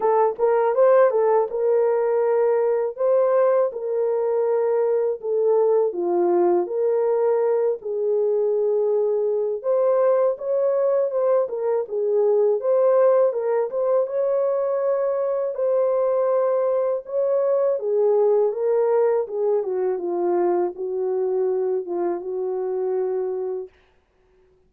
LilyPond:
\new Staff \with { instrumentName = "horn" } { \time 4/4 \tempo 4 = 81 a'8 ais'8 c''8 a'8 ais'2 | c''4 ais'2 a'4 | f'4 ais'4. gis'4.~ | gis'4 c''4 cis''4 c''8 ais'8 |
gis'4 c''4 ais'8 c''8 cis''4~ | cis''4 c''2 cis''4 | gis'4 ais'4 gis'8 fis'8 f'4 | fis'4. f'8 fis'2 | }